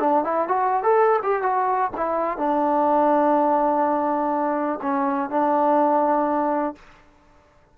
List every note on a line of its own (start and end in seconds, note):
0.00 0.24 D4
0.24 0.48 E4
0.48 0.84 F#4
0.84 1.20 A4
1.23 1.43 G4
1.43 1.91 F#4
1.97 2.38 E4
2.38 4.80 D4
4.82 5.30 C#4
5.30 6.76 D4